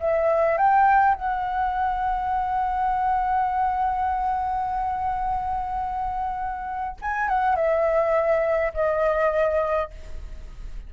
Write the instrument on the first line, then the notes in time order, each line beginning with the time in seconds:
flute
0.00 E5
0.57 G5
1.15 F#5
7.02 G#5
7.29 F#5
7.56 E5
8.74 D#5